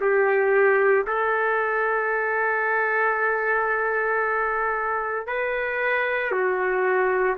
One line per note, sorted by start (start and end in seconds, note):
0.00 1.05 G4
1.07 5.27 A4
5.27 6.32 B4
6.32 7.37 F#4